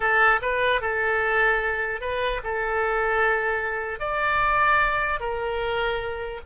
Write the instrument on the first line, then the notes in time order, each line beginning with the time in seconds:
oboe
0.00 A4
0.41 B4
0.81 A4
2.00 B4
2.43 A4
3.99 D5
5.20 A#4